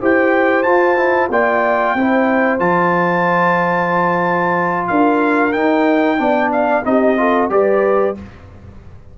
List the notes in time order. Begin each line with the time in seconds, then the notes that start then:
0.00 E4 G4 C5 G5
0.62 F4 A5
0.96 E4
1.29 A#3 F4 D5 G5
1.94 C4 E4 C5
2.59 F3 F4 A5
4.87 D4 A#4 F5
5.52 D#4 G5
6.17 B3 D4 D5
6.52 F5
6.85 C4 D#4 G4 D#5
7.17 F4 A4
7.49 G3 G4 B4 D5